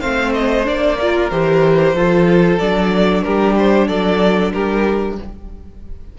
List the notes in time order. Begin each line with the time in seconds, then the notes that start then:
0.00 A3 C4 C5 F5
0.33 D#5
0.64 A#3 D4 D5
0.98 F4 A#4
1.30 E3 G4 C5
1.94 F3 F4 A4
2.58 F#3 D4 D5
3.23 G3 G4 A#4
3.58 C5
3.87 F#3 A4 D5
4.52 G3 G4 A#4